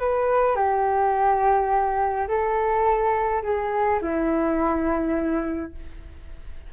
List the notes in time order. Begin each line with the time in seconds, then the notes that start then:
0.00 B4
0.56 G4
2.28 A4
3.43 G#4
4.02 E4